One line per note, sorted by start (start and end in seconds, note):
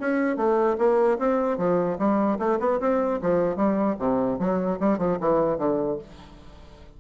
0.00 0.36 C#4
0.36 0.76 A3
0.78 1.18 A#3
1.19 1.58 C4
1.58 1.98 F3
1.98 2.38 G3
2.39 2.59 A3
2.60 2.80 B3
2.80 3.20 C4
3.21 3.56 F3
3.56 3.96 G3
3.99 4.39 C3
4.39 4.79 F#3
4.80 4.98 G3
4.98 5.18 F3
5.20 5.58 E3
5.58 5.98 D3